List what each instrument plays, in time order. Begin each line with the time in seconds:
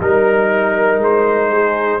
0.00 tuba G3, trombone D#4, trumpet A#4, horn A#4
0.97 tuba G#3, trumpet C5
1.51 horn G#4